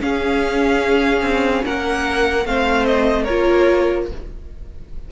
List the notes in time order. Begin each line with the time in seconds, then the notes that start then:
0.00 C#4 G#4 F5
1.21 C4
1.64 A#3 A#4 F#5
2.46 A3 C4 C5 F5
2.86 D#5
3.23 F4 A#4 C#5
3.30 A#3